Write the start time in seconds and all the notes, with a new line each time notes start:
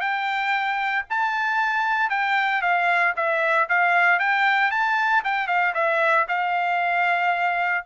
0.00 G5
1.10 A5
2.09 G5
2.61 F5
3.16 E5
3.69 F5
4.19 G5
4.71 A5
5.24 G5
5.47 F5
5.74 E5
6.28 F5